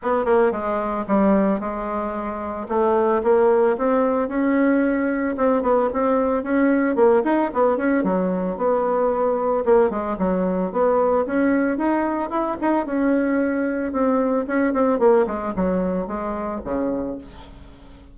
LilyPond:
\new Staff \with { instrumentName = "bassoon" } { \time 4/4 \tempo 4 = 112 b8 ais8 gis4 g4 gis4~ | gis4 a4 ais4 c'4 | cis'2 c'8 b8 c'4 | cis'4 ais8 dis'8 b8 cis'8 fis4 |
b2 ais8 gis8 fis4 | b4 cis'4 dis'4 e'8 dis'8 | cis'2 c'4 cis'8 c'8 | ais8 gis8 fis4 gis4 cis4 | }